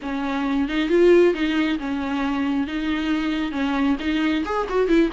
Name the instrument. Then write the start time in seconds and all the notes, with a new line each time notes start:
viola
0.02 C#4
0.68 D#4
0.89 F4
1.33 D#4
1.79 C#4
2.67 D#4
3.51 C#4
3.99 D#4
4.45 G#4
4.69 F#4
4.87 E4